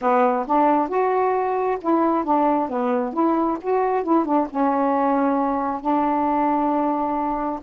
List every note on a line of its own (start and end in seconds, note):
0.01 0.46 B3
0.46 0.88 D4
0.88 1.78 F#4
1.81 2.24 E4
2.24 2.69 D4
2.69 3.13 B3
3.13 3.58 E4
3.61 4.03 F#4
4.03 4.25 E4
4.25 4.47 D4
4.50 5.81 C#4
5.81 7.60 D4